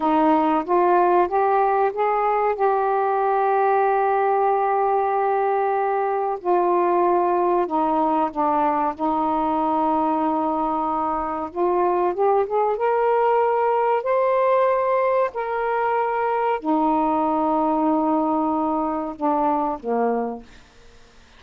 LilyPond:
\new Staff \with { instrumentName = "saxophone" } { \time 4/4 \tempo 4 = 94 dis'4 f'4 g'4 gis'4 | g'1~ | g'2 f'2 | dis'4 d'4 dis'2~ |
dis'2 f'4 g'8 gis'8 | ais'2 c''2 | ais'2 dis'2~ | dis'2 d'4 ais4 | }